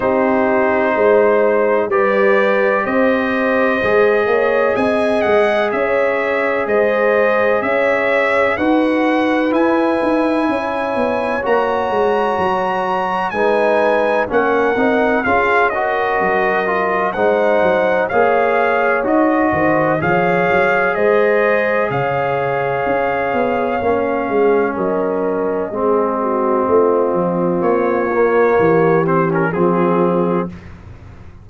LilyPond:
<<
  \new Staff \with { instrumentName = "trumpet" } { \time 4/4 \tempo 4 = 63 c''2 d''4 dis''4~ | dis''4 gis''8 fis''8 e''4 dis''4 | e''4 fis''4 gis''2 | ais''2 gis''4 fis''4 |
f''8 dis''4. fis''4 f''4 | dis''4 f''4 dis''4 f''4~ | f''2 dis''2~ | dis''4 cis''4. c''16 ais'16 gis'4 | }
  \new Staff \with { instrumentName = "horn" } { \time 4/4 g'4 c''4 b'4 c''4~ | c''8 cis''8 dis''4 cis''4 c''4 | cis''4 b'2 cis''4~ | cis''2 b'4 ais'4 |
gis'8 ais'4. c''4 cis''4~ | cis''8 c''8 cis''4 c''4 cis''4~ | cis''4. gis'8 ais'4 gis'8 fis'8 | f'2 g'4 f'4 | }
  \new Staff \with { instrumentName = "trombone" } { \time 4/4 dis'2 g'2 | gis'1~ | gis'4 fis'4 e'2 | fis'2 dis'4 cis'8 dis'8 |
f'8 fis'4 f'8 dis'4 gis'4 | fis'4 gis'2.~ | gis'4 cis'2 c'4~ | c'4. ais4 c'16 cis'16 c'4 | }
  \new Staff \with { instrumentName = "tuba" } { \time 4/4 c'4 gis4 g4 c'4 | gis8 ais8 c'8 gis8 cis'4 gis4 | cis'4 dis'4 e'8 dis'8 cis'8 b8 | ais8 gis8 fis4 gis4 ais8 c'8 |
cis'4 fis4 gis8 fis8 ais4 | dis'8 dis8 f8 fis8 gis4 cis4 | cis'8 b8 ais8 gis8 fis4 gis4 | a8 f8 ais4 e4 f4 | }
>>